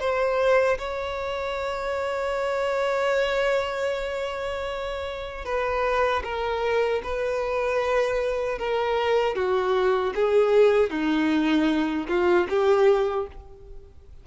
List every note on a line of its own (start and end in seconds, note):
0.00 0.78 C5
0.78 5.45 C#5
5.45 6.23 B4
6.24 7.02 A#4
7.04 8.59 B4
8.59 9.35 A#4
9.35 10.13 F#4
10.15 10.91 G#4
10.91 12.07 D#4
12.08 12.47 F4
12.49 13.27 G4